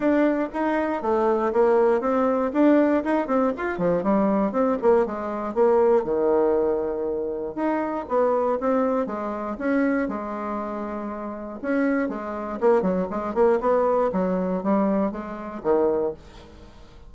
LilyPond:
\new Staff \with { instrumentName = "bassoon" } { \time 4/4 \tempo 4 = 119 d'4 dis'4 a4 ais4 | c'4 d'4 dis'8 c'8 f'8 f8 | g4 c'8 ais8 gis4 ais4 | dis2. dis'4 |
b4 c'4 gis4 cis'4 | gis2. cis'4 | gis4 ais8 fis8 gis8 ais8 b4 | fis4 g4 gis4 dis4 | }